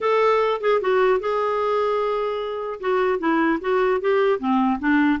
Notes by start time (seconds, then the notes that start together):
0.00 A4
0.61 G#4
0.81 F#4
1.20 G#4
2.80 F#4
3.19 E4
3.60 F#4
4.01 G4
4.39 C4
4.79 D4